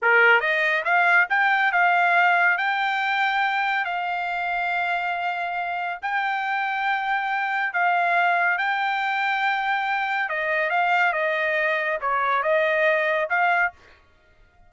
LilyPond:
\new Staff \with { instrumentName = "trumpet" } { \time 4/4 \tempo 4 = 140 ais'4 dis''4 f''4 g''4 | f''2 g''2~ | g''4 f''2.~ | f''2 g''2~ |
g''2 f''2 | g''1 | dis''4 f''4 dis''2 | cis''4 dis''2 f''4 | }